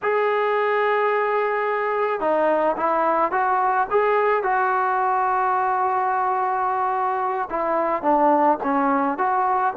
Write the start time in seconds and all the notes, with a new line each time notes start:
0.02 G#4
2.20 D#4
2.77 E4
3.31 F#4
3.90 G#4
4.43 F#4
7.49 E4
8.02 D4
8.63 C#4
9.17 F#4